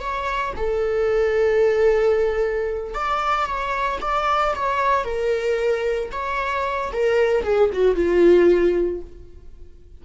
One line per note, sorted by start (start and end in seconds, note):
0.00 0.53 C#5
0.56 2.93 A4
2.93 3.45 D5
3.45 3.98 C#5
4.01 4.54 D5
4.55 5.04 C#5
5.04 6.10 A#4
6.12 6.91 C#5
6.92 7.43 A#4
7.43 7.70 G#4
7.72 7.95 F#4
7.95 9.01 F4